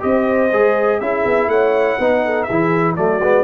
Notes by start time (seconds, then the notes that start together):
0.00 C4 G4 C5 D#5
0.51 G#3 G#4
1.00 C#4 E4 G#4 E5
1.25 B3
1.48 A3 C#5 F#5
1.99 B3 D#4 B4
2.25 A4
2.43 G#4 E5
2.50 E3 E4
2.96 F#3 A3 F#4 D5
3.22 G#3 B3